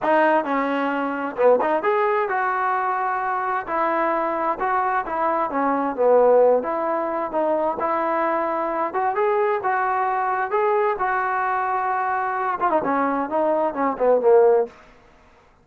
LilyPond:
\new Staff \with { instrumentName = "trombone" } { \time 4/4 \tempo 4 = 131 dis'4 cis'2 b8 dis'8 | gis'4 fis'2. | e'2 fis'4 e'4 | cis'4 b4. e'4. |
dis'4 e'2~ e'8 fis'8 | gis'4 fis'2 gis'4 | fis'2.~ fis'8 f'16 dis'16 | cis'4 dis'4 cis'8 b8 ais4 | }